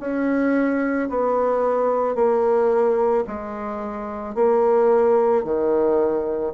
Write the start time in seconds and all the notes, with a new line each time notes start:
0.00 C#4
1.10 B3
2.15 A#3
3.27 G#3
4.35 A#3
5.44 D#3